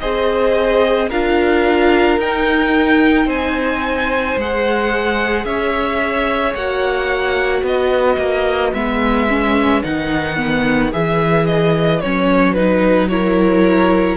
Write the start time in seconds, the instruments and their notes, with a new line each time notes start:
0.00 cello C4, viola G#4, violin C5 D#5
1.09 cello D4, viola F4, violin A#4 F5
2.18 cello D#4, viola D#4, violin G5
3.25 cello C4, violin C5 G#5
4.36 cello G#3, viola G#4, violin F#5
5.45 cello C#4, violin C#5 E5
6.54 cello A#3, viola F#4, violin F#5
7.62 cello B3, violin B4 D#5
8.17 cello A#3
8.73 cello G#3, viola B3, violin E5
9.29 viola C#4
9.83 cello D#3, viola D#4, violin F#5
10.37 viola B3
10.92 cello E3, viola G#4, violin E5
11.46 violin D#5
12.00 cello F#3, viola C#4, violin C#5
12.54 viola D#4, violin B4
13.09 viola E4, violin A#4 C#5